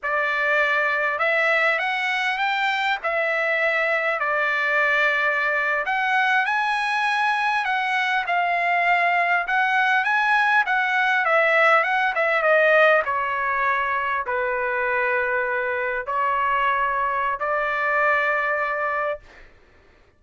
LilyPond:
\new Staff \with { instrumentName = "trumpet" } { \time 4/4 \tempo 4 = 100 d''2 e''4 fis''4 | g''4 e''2 d''4~ | d''4.~ d''16 fis''4 gis''4~ gis''16~ | gis''8. fis''4 f''2 fis''16~ |
fis''8. gis''4 fis''4 e''4 fis''16~ | fis''16 e''8 dis''4 cis''2 b'16~ | b'2~ b'8. cis''4~ cis''16~ | cis''4 d''2. | }